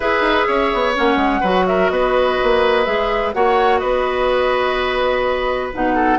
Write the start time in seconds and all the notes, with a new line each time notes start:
0.00 E4 G#4 B4 E5
0.21 D#4
0.47 C#4 C#5
0.73 B3
0.95 A#3 C#4 F#5
1.16 G#3
1.40 F#3 F#4 B4
1.67 A#4 E5
1.89 B3 B4 D#5
2.43 A#3
2.84 G#3 G#4 E5
3.33 A#3 F#4 C#5 F#5
3.78 B3 B4 D#5
5.73 B2 D#4 F#5
5.94 A4